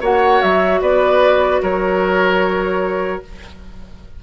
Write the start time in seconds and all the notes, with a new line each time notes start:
0.00 A#3 F#4 C#5 F#5
0.41 F#3 E5
0.81 B3 B4 D5
1.62 F#3 A#4 C#5